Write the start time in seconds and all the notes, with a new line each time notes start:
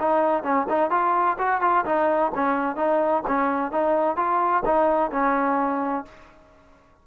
0.00 D#4
0.43 C#4
0.70 D#4
0.91 F4
1.39 F#4
1.62 F4
1.86 D#4
2.35 C#4
2.77 D#4
3.27 C#4
3.72 D#4
4.17 F4
4.66 D#4
5.12 C#4